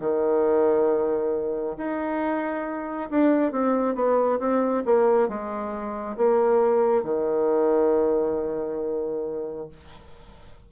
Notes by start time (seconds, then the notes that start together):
0.00 D#3
1.77 D#4
3.10 D4
3.52 C4
3.95 B3
4.39 C4
4.86 A#3
5.29 G#3
6.17 A#3
7.03 D#3